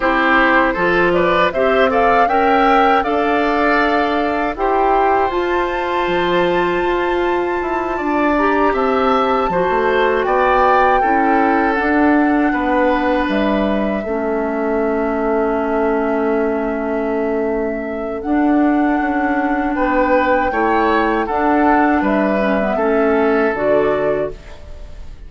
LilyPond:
<<
  \new Staff \with { instrumentName = "flute" } { \time 4/4 \tempo 4 = 79 c''4. d''8 e''8 f''8 g''4 | f''2 g''4 a''4~ | a''2. ais''8 a''8~ | a''4. g''2 fis''8~ |
fis''4. e''2~ e''8~ | e''1 | fis''2 g''2 | fis''4 e''2 d''4 | }
  \new Staff \with { instrumentName = "oboe" } { \time 4/4 g'4 a'8 b'8 c''8 d''8 e''4 | d''2 c''2~ | c''2~ c''8 d''4 e''8~ | e''8 c''4 d''4 a'4.~ |
a'8 b'2 a'4.~ | a'1~ | a'2 b'4 cis''4 | a'4 b'4 a'2 | }
  \new Staff \with { instrumentName = "clarinet" } { \time 4/4 e'4 f'4 g'8 a'8 ais'4 | a'2 g'4 f'4~ | f'2. g'4~ | g'8 fis'2 e'4 d'8~ |
d'2~ d'8 cis'4.~ | cis'1 | d'2. e'4 | d'4. cis'16 b16 cis'4 fis'4 | }
  \new Staff \with { instrumentName = "bassoon" } { \time 4/4 c'4 f4 c'4 cis'4 | d'2 e'4 f'4 | f4 f'4 e'8 d'4 c'8~ | c'8 f16 a8. b4 cis'4 d'8~ |
d'8 b4 g4 a4.~ | a1 | d'4 cis'4 b4 a4 | d'4 g4 a4 d4 | }
>>